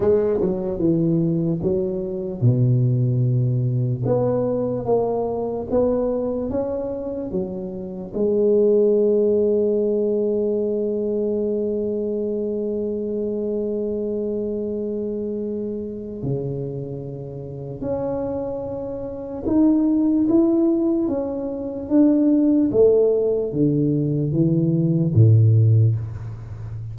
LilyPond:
\new Staff \with { instrumentName = "tuba" } { \time 4/4 \tempo 4 = 74 gis8 fis8 e4 fis4 b,4~ | b,4 b4 ais4 b4 | cis'4 fis4 gis2~ | gis1~ |
gis1 | cis2 cis'2 | dis'4 e'4 cis'4 d'4 | a4 d4 e4 a,4 | }